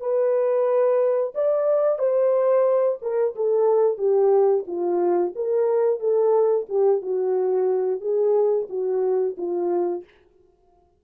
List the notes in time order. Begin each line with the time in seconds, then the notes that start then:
0.00 B4
1.35 D5
1.98 C5
3.02 A#4
3.35 A4
3.98 G4
4.67 F4
5.35 A#4
6.00 A4
6.69 G4
7.02 F#4
8.01 G#4
8.69 F#4
9.37 F4